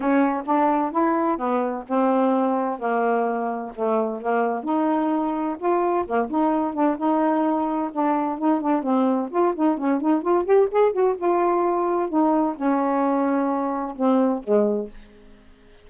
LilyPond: \new Staff \with { instrumentName = "saxophone" } { \time 4/4 \tempo 4 = 129 cis'4 d'4 e'4 b4 | c'2 ais2 | a4 ais4 dis'2 | f'4 ais8 dis'4 d'8 dis'4~ |
dis'4 d'4 dis'8 d'8 c'4 | f'8 dis'8 cis'8 dis'8 f'8 g'8 gis'8 fis'8 | f'2 dis'4 cis'4~ | cis'2 c'4 gis4 | }